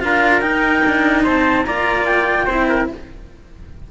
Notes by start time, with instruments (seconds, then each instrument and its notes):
0.00 cello D4 F4, trumpet A#4, clarinet F5
0.40 cello D#4, clarinet G5
0.85 cello D4
1.23 cello C4, trumpet C5, clarinet A5
1.65 cello A#3 F4, trumpet D5, clarinet A#5
2.05 clarinet G5
2.45 cello C4 E4, trumpet C5
2.69 trumpet A#4